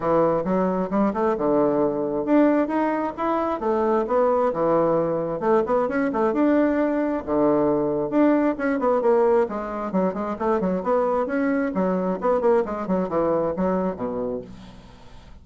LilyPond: \new Staff \with { instrumentName = "bassoon" } { \time 4/4 \tempo 4 = 133 e4 fis4 g8 a8 d4~ | d4 d'4 dis'4 e'4 | a4 b4 e2 | a8 b8 cis'8 a8 d'2 |
d2 d'4 cis'8 b8 | ais4 gis4 fis8 gis8 a8 fis8 | b4 cis'4 fis4 b8 ais8 | gis8 fis8 e4 fis4 b,4 | }